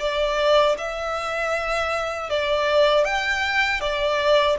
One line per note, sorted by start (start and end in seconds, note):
0.00 0.76 D5
0.78 2.30 E5
2.30 3.05 D5
3.05 3.81 G5
3.81 4.57 D5